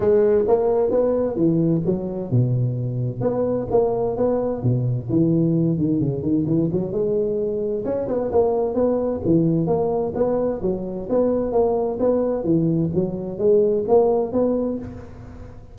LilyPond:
\new Staff \with { instrumentName = "tuba" } { \time 4/4 \tempo 4 = 130 gis4 ais4 b4 e4 | fis4 b,2 b4 | ais4 b4 b,4 e4~ | e8 dis8 cis8 dis8 e8 fis8 gis4~ |
gis4 cis'8 b8 ais4 b4 | e4 ais4 b4 fis4 | b4 ais4 b4 e4 | fis4 gis4 ais4 b4 | }